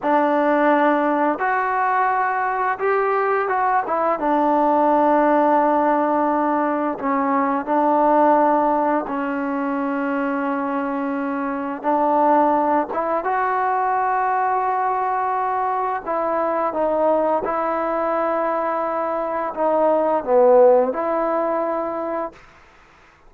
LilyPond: \new Staff \with { instrumentName = "trombone" } { \time 4/4 \tempo 4 = 86 d'2 fis'2 | g'4 fis'8 e'8 d'2~ | d'2 cis'4 d'4~ | d'4 cis'2.~ |
cis'4 d'4. e'8 fis'4~ | fis'2. e'4 | dis'4 e'2. | dis'4 b4 e'2 | }